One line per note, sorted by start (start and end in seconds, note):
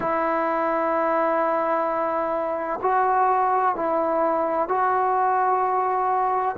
0.00 2.79 E4
2.81 3.75 F#4
3.75 4.68 E4
4.68 6.56 F#4